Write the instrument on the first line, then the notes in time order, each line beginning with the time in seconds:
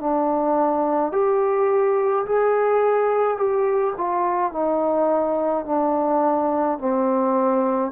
trombone
0.00 D4
1.12 G4
2.26 G#4
3.37 G4
3.97 F4
4.52 D#4
5.66 D4
6.79 C4